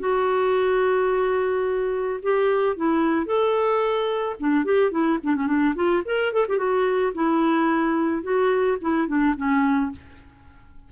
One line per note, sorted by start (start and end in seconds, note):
0.00 2.20 F#4
2.22 2.77 G4
2.77 3.26 E4
3.26 4.36 A4
4.40 4.65 D4
4.65 4.91 G4
4.91 5.19 E4
5.23 5.36 D4
5.36 5.47 C#4
5.47 5.75 D4
5.75 6.03 F4
6.06 6.33 A#4
6.33 6.47 A4
6.49 6.58 G4
6.58 7.13 F#4
7.15 8.23 E4
8.23 8.78 F#4
8.81 9.08 E4
9.08 9.35 D4
9.37 9.92 C#4